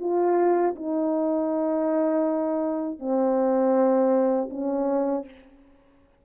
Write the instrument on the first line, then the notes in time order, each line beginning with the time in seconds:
horn
0.00 F4
0.76 D#4
3.00 C4
4.50 C#4